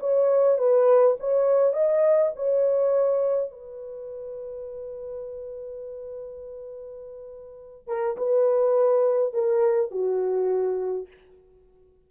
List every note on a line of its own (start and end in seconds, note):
0.00 0.58 C#5
0.58 1.17 B4
1.20 1.73 C#5
1.73 2.32 D#5
2.36 3.51 C#5
3.51 7.87 B4
7.87 8.17 A#4
8.17 9.33 B4
9.33 9.91 A#4
9.91 11.08 F#4